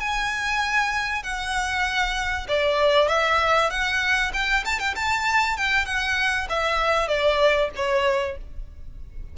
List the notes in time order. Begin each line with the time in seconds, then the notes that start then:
0.00 G#5
1.23 F#5
2.48 D5
3.09 E5
3.70 F#5
4.34 G5
4.66 A5
4.79 G5
4.96 A5
5.57 G5
5.86 F#5
6.49 E5
7.08 D5
7.76 C#5